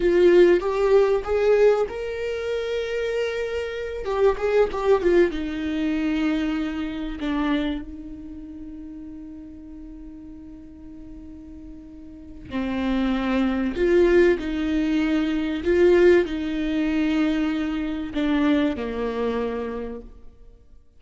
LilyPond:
\new Staff \with { instrumentName = "viola" } { \time 4/4 \tempo 4 = 96 f'4 g'4 gis'4 ais'4~ | ais'2~ ais'8 g'8 gis'8 g'8 | f'8 dis'2. d'8~ | d'8 dis'2.~ dis'8~ |
dis'1 | c'2 f'4 dis'4~ | dis'4 f'4 dis'2~ | dis'4 d'4 ais2 | }